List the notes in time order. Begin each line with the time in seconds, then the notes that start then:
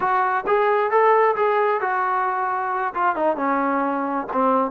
0.00 F#4
0.47 G#4
0.90 A4
1.36 G#4
1.80 F#4
2.94 F4
3.15 D#4
3.36 C#4
4.32 C4